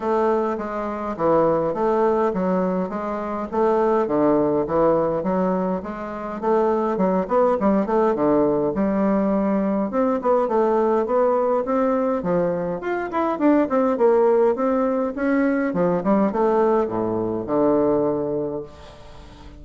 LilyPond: \new Staff \with { instrumentName = "bassoon" } { \time 4/4 \tempo 4 = 103 a4 gis4 e4 a4 | fis4 gis4 a4 d4 | e4 fis4 gis4 a4 | fis8 b8 g8 a8 d4 g4~ |
g4 c'8 b8 a4 b4 | c'4 f4 f'8 e'8 d'8 c'8 | ais4 c'4 cis'4 f8 g8 | a4 a,4 d2 | }